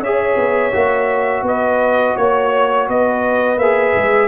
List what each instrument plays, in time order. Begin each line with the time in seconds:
0.00 tuba C#4, trombone G#4, horn C#5, trumpet E5
0.37 tuba B3
0.73 tuba A#3, trombone F#4
1.43 tuba B3, horn B4, trumpet D#5
2.16 tuba A#3, horn C#5, trumpet C#5
2.88 tuba B3, horn B4, trumpet D#5
3.58 tuba A#3, trombone G#4, trumpet E5
3.96 tuba G#3